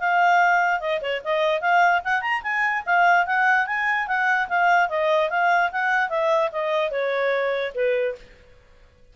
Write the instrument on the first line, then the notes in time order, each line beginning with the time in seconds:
clarinet
0.00 F5
0.80 D#5
1.02 C#5
1.24 D#5
1.61 F5
2.04 F#5
2.22 A#5
2.43 G#5
2.86 F5
3.27 F#5
3.67 G#5
4.08 F#5
4.49 F5
4.89 D#5
5.30 F5
5.72 F#5
6.10 E5
6.52 D#5
6.91 C#5
7.75 B4